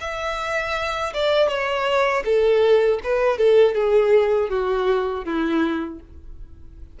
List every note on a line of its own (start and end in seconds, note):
0.00 1.12 E5
1.13 1.48 D5
1.48 2.23 C#5
2.24 2.99 A4
3.03 3.38 B4
3.38 3.74 A4
3.74 4.49 G#4
4.49 5.24 F#4
5.24 5.99 E4